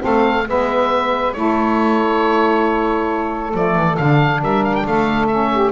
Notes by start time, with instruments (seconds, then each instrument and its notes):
0.00 double bass A3, saxophone C4 A4, oboe F5
0.47 double bass G#3, saxophone B3 B4, oboe E5
1.33 double bass A3, saxophone E4 A4, oboe C#5
3.53 double bass F3, saxophone A3, oboe D5
3.76 double bass E3
3.97 double bass D3, saxophone D4, oboe F5
4.41 double bass G3, saxophone A#4, oboe E5
4.64 oboe F5
4.75 oboe G5
4.86 double bass A3, saxophone A4, oboe F5
5.27 saxophone C#4, oboe E5
5.52 saxophone G4